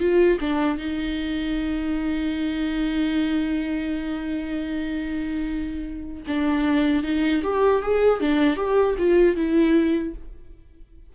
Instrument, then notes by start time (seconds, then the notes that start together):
viola
0.00 F4
0.41 D4
0.78 D#4
6.28 D4
7.04 D#4
7.44 G4
7.83 G#4
8.21 D4
8.57 G4
8.98 F4
9.36 E4